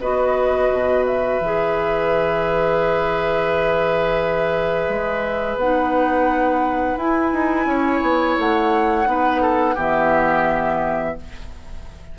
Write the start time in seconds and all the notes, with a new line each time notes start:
0.00 B3 F#4 B4 D#5
0.72 B2
1.06 E5
1.40 E3 G#4
4.89 G#3
5.56 B3 F#5
5.62 D#4
6.97 E4 G#5
7.33 D#4
7.66 C#4 C#5
8.02 B3
8.38 A3 F#5
9.05 B3 D#4 B4
9.42 A4
9.75 E3 B3 G4 E5